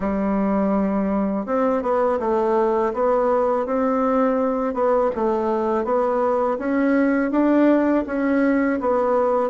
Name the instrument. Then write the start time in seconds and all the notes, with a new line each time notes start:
bassoon
0.00 G3
1.45 C4
1.82 B3
2.19 A3
2.93 B3
3.66 C4
4.74 B3
5.15 A3
5.84 B3
6.58 C#4
7.31 D4
8.06 C#4
8.80 B3